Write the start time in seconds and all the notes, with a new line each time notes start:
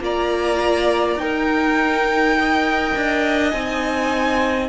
0.00 A#3 F4 D5 A#5
1.16 D#4 A#4 G5
2.36 A#4 D#5
2.96 D4
3.51 C4 D#4 G#5